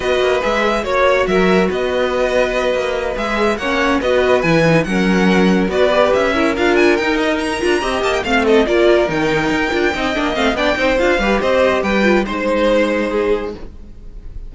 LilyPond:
<<
  \new Staff \with { instrumentName = "violin" } { \time 4/4 \tempo 4 = 142 dis''4 e''4 cis''4 e''4 | dis''2.~ dis''8 e''8~ | e''8 fis''4 dis''4 gis''4 fis''8~ | fis''4. d''4 e''4 f''8 |
gis''8 g''8 dis''8 ais''4. a''16 g''16 f''8 | dis''8 d''4 g''2~ g''8~ | g''8 f''8 g''4 f''4 dis''4 | g''4 c''2. | }
  \new Staff \with { instrumentName = "violin" } { \time 4/4 b'2 cis''4 ais'4 | b'1~ | b'8 cis''4 b'2 ais'8~ | ais'4. b'4. ais'4~ |
ais'2~ ais'8 dis''4 f''8 | a'8 ais'2. dis''8~ | dis''4 d''8 c''4 b'8 c''4 | b'4 c''2 gis'4 | }
  \new Staff \with { instrumentName = "viola" } { \time 4/4 fis'4 gis'4 fis'2~ | fis'2.~ fis'8 gis'8~ | gis'8 cis'4 fis'4 e'8 dis'8 cis'8~ | cis'4. fis'8 g'4 e'8 f'8~ |
f'8 dis'4. f'8 g'4 c'8~ | c'8 f'4 dis'4. f'8 dis'8 | d'8 c'8 d'8 dis'8 f'8 g'4.~ | g'8 f'8 dis'2. | }
  \new Staff \with { instrumentName = "cello" } { \time 4/4 b8 ais8 gis4 ais4 fis4 | b2~ b8 ais4 gis8~ | gis8 ais4 b4 e4 fis8~ | fis4. b4 cis'4 d'8~ |
d'8 dis'4. d'8 c'8 ais8 a8~ | a8 ais4 dis4 dis'8 d'8 c'8 | ais8 a8 b8 c'8 d'8 g8 c'4 | g4 gis2. | }
>>